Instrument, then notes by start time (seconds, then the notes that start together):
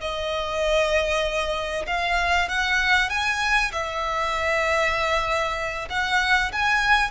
violin
0.00 D#5
1.87 F5
2.49 F#5
3.09 G#5
3.72 E5
5.89 F#5
6.52 G#5